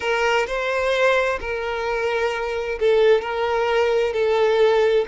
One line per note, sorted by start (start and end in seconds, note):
0.00 0.46 A#4
0.47 1.39 C5
1.40 2.78 A#4
2.79 3.21 A4
3.21 4.13 A#4
4.13 5.05 A4